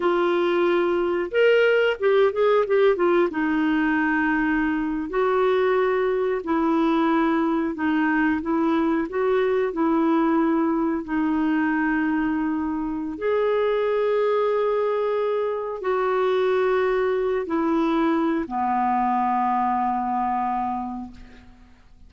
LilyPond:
\new Staff \with { instrumentName = "clarinet" } { \time 4/4 \tempo 4 = 91 f'2 ais'4 g'8 gis'8 | g'8 f'8 dis'2~ dis'8. fis'16~ | fis'4.~ fis'16 e'2 dis'16~ | dis'8. e'4 fis'4 e'4~ e'16~ |
e'8. dis'2.~ dis'16 | gis'1 | fis'2~ fis'8 e'4. | b1 | }